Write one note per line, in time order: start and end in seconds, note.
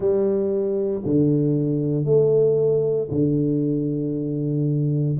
0.00 1.02 G3
1.05 2.05 D3
2.05 3.08 A3
3.10 5.17 D3